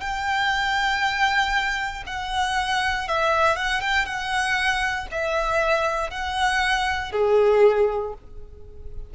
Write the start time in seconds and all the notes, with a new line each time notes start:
0.00 G5
2.07 F#5
3.08 E5
3.56 F#5
3.81 G5
4.05 F#5
5.11 E5
6.10 F#5
7.12 G#4